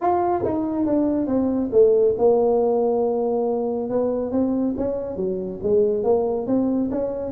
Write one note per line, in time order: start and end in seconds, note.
0.01 0.44 F4
0.44 0.85 D#4
0.85 1.27 D4
1.27 1.70 C4
1.72 2.15 A3
2.18 3.89 A#3
3.89 4.31 B3
4.31 4.74 C4
4.77 5.16 C#4
5.16 5.59 F#3
5.62 6.03 G#3
6.03 6.46 A#3
6.46 6.89 C4
6.90 7.32 C#4